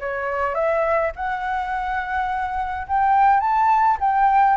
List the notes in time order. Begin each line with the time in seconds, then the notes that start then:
0.00 C#5
0.54 E5
1.15 F#5
2.87 G5
3.40 A5
4.00 G5